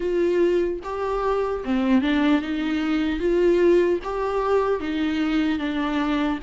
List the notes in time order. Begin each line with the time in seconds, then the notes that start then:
0.00 F4
0.83 G4
1.64 C4
2.01 D4
2.41 D#4
3.19 F4
4.03 G4
4.80 D#4
5.58 D4